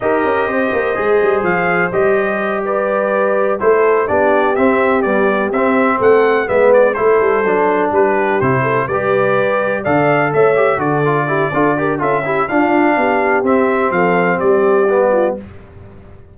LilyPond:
<<
  \new Staff \with { instrumentName = "trumpet" } { \time 4/4 \tempo 4 = 125 dis''2. f''4 | dis''4. d''2 c''8~ | c''8 d''4 e''4 d''4 e''8~ | e''8 fis''4 e''8 d''8 c''4.~ |
c''8 b'4 c''4 d''4.~ | d''8 f''4 e''4 d''4.~ | d''4 e''4 f''2 | e''4 f''4 d''2 | }
  \new Staff \with { instrumentName = "horn" } { \time 4/4 ais'4 c''2.~ | c''4. b'2 a'8~ | a'8 g'2.~ g'8~ | g'8 a'4 b'4 a'4.~ |
a'8 g'4. a'8 b'4.~ | b'8 d''4 cis''4 a'4 g'8 | a'8 ais'8 a'8 g'8 f'4 g'4~ | g'4 a'4 g'4. f'8 | }
  \new Staff \with { instrumentName = "trombone" } { \time 4/4 g'2 gis'2 | g'2.~ g'8 e'8~ | e'8 d'4 c'4 g4 c'8~ | c'4. b4 e'4 d'8~ |
d'4. e'4 g'4.~ | g'8 a'4. g'8 fis'8 f'8 e'8 | f'8 g'8 f'8 e'8 d'2 | c'2. b4 | }
  \new Staff \with { instrumentName = "tuba" } { \time 4/4 dis'8 cis'8 c'8 ais8 gis8 g8 f4 | g2.~ g8 a8~ | a8 b4 c'4 b4 c'8~ | c'8 a4 gis4 a8 g8 fis8~ |
fis8 g4 c4 g4.~ | g8 d4 a4 d4. | d'4 cis'4 d'4 b4 | c'4 f4 g2 | }
>>